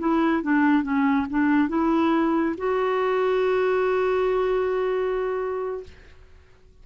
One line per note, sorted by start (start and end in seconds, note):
0.00 0.43 E4
0.43 0.84 D4
0.84 1.27 C#4
1.30 1.69 D4
1.69 2.56 E4
2.58 5.84 F#4